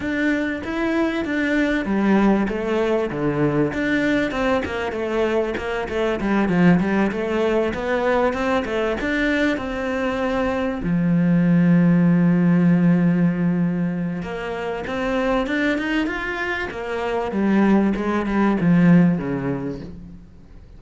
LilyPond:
\new Staff \with { instrumentName = "cello" } { \time 4/4 \tempo 4 = 97 d'4 e'4 d'4 g4 | a4 d4 d'4 c'8 ais8 | a4 ais8 a8 g8 f8 g8 a8~ | a8 b4 c'8 a8 d'4 c'8~ |
c'4. f2~ f8~ | f2. ais4 | c'4 d'8 dis'8 f'4 ais4 | g4 gis8 g8 f4 cis4 | }